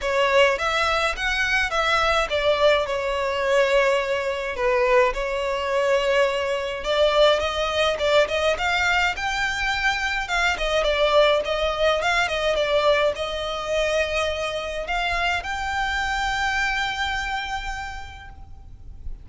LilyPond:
\new Staff \with { instrumentName = "violin" } { \time 4/4 \tempo 4 = 105 cis''4 e''4 fis''4 e''4 | d''4 cis''2. | b'4 cis''2. | d''4 dis''4 d''8 dis''8 f''4 |
g''2 f''8 dis''8 d''4 | dis''4 f''8 dis''8 d''4 dis''4~ | dis''2 f''4 g''4~ | g''1 | }